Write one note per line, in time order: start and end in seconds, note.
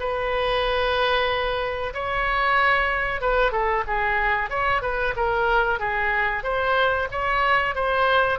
0.00 1.94 B4
1.94 3.21 C#5
3.21 3.52 B4
3.52 3.84 A4
3.87 4.50 G#4
4.50 4.82 C#5
4.82 5.14 B4
5.16 5.79 A#4
5.79 6.44 G#4
6.44 7.08 C5
7.11 7.75 C#5
7.75 8.39 C5